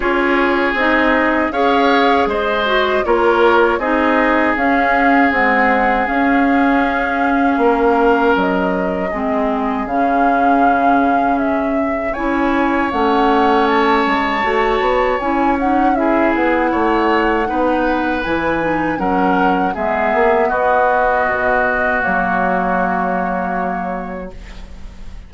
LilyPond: <<
  \new Staff \with { instrumentName = "flute" } { \time 4/4 \tempo 4 = 79 cis''4 dis''4 f''4 dis''4 | cis''4 dis''4 f''4 fis''4 | f''2. dis''4~ | dis''4 f''2 e''4 |
gis''4 fis''4 a''2 | gis''8 fis''8 e''8 fis''2~ fis''8 | gis''4 fis''4 e''4 dis''4~ | dis''4 cis''2. | }
  \new Staff \with { instrumentName = "oboe" } { \time 4/4 gis'2 cis''4 c''4 | ais'4 gis'2.~ | gis'2 ais'2 | gis'1 |
cis''1~ | cis''4 gis'4 cis''4 b'4~ | b'4 ais'4 gis'4 fis'4~ | fis'1 | }
  \new Staff \with { instrumentName = "clarinet" } { \time 4/4 f'4 dis'4 gis'4. fis'8 | f'4 dis'4 cis'4 gis4 | cis'1 | c'4 cis'2. |
e'4 cis'2 fis'4 | e'8 dis'8 e'2 dis'4 | e'8 dis'8 cis'4 b2~ | b4 ais2. | }
  \new Staff \with { instrumentName = "bassoon" } { \time 4/4 cis'4 c'4 cis'4 gis4 | ais4 c'4 cis'4 c'4 | cis'2 ais4 fis4 | gis4 cis2. |
cis'4 a4. gis8 a8 b8 | cis'4. b8 a4 b4 | e4 fis4 gis8 ais8 b4 | b,4 fis2. | }
>>